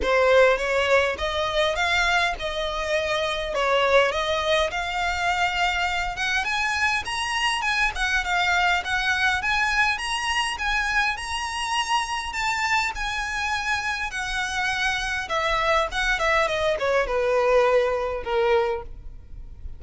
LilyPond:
\new Staff \with { instrumentName = "violin" } { \time 4/4 \tempo 4 = 102 c''4 cis''4 dis''4 f''4 | dis''2 cis''4 dis''4 | f''2~ f''8 fis''8 gis''4 | ais''4 gis''8 fis''8 f''4 fis''4 |
gis''4 ais''4 gis''4 ais''4~ | ais''4 a''4 gis''2 | fis''2 e''4 fis''8 e''8 | dis''8 cis''8 b'2 ais'4 | }